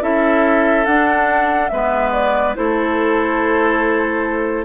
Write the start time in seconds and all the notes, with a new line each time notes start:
0.00 C#4 E4 A4 E5
0.85 D4 F#5
1.68 G#3 B3 B4 E5
2.12 D5
2.54 A3 E4 A4 C5